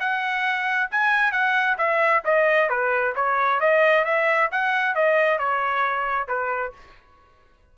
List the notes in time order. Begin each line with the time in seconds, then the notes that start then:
0.00 F#5
0.91 G#5
1.32 F#5
1.78 E5
2.25 D#5
2.69 B4
3.16 C#5
3.60 D#5
4.05 E5
4.52 F#5
4.95 D#5
5.39 C#5
6.28 B4